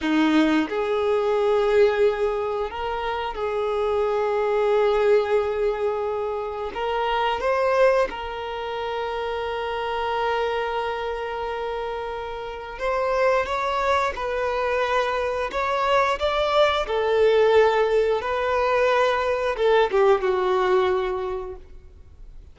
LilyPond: \new Staff \with { instrumentName = "violin" } { \time 4/4 \tempo 4 = 89 dis'4 gis'2. | ais'4 gis'2.~ | gis'2 ais'4 c''4 | ais'1~ |
ais'2. c''4 | cis''4 b'2 cis''4 | d''4 a'2 b'4~ | b'4 a'8 g'8 fis'2 | }